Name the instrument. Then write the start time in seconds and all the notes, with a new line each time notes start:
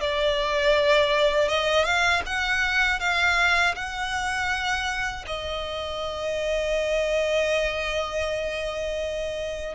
violin
0.00 D5
1.48 D#5
1.84 F5
2.26 F#5
2.99 F5
3.75 F#5
5.26 D#5